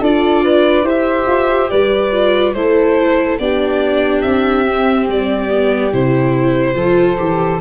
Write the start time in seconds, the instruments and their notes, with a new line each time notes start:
0.00 tuba D4, viola F4, flute A4, violin D5
0.43 flute B4
0.82 tuba E4, viola G4, flute C5, violin E5
1.26 tuba F4
1.70 tuba G3, flute B4, violin D5
2.12 viola F4
2.53 tuba A3, viola E4, flute A4, violin C5
3.39 tuba B3, viola D4, flute G4, violin D5
4.21 tuba C4, violin E5
4.65 viola C4
5.08 tuba G3, violin D5
5.48 viola B3
5.92 tuba C3, viola E4, violin C5
6.74 tuba F3, viola F4, flute A4
7.17 tuba E3, viola G4